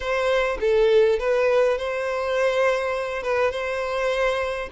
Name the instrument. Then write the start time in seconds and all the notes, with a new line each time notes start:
violin
0.00 C5
0.60 A4
1.19 B4
1.78 C5
3.22 B4
3.51 C5